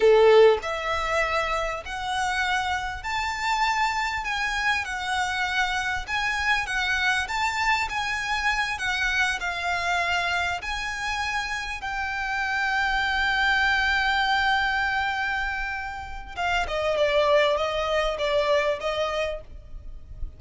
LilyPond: \new Staff \with { instrumentName = "violin" } { \time 4/4 \tempo 4 = 99 a'4 e''2 fis''4~ | fis''4 a''2 gis''4 | fis''2 gis''4 fis''4 | a''4 gis''4. fis''4 f''8~ |
f''4. gis''2 g''8~ | g''1~ | g''2. f''8 dis''8 | d''4 dis''4 d''4 dis''4 | }